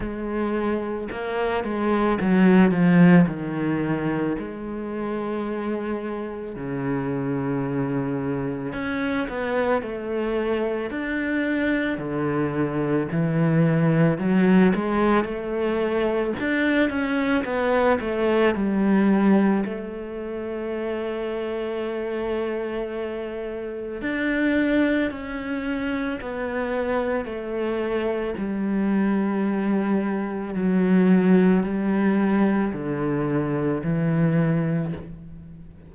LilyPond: \new Staff \with { instrumentName = "cello" } { \time 4/4 \tempo 4 = 55 gis4 ais8 gis8 fis8 f8 dis4 | gis2 cis2 | cis'8 b8 a4 d'4 d4 | e4 fis8 gis8 a4 d'8 cis'8 |
b8 a8 g4 a2~ | a2 d'4 cis'4 | b4 a4 g2 | fis4 g4 d4 e4 | }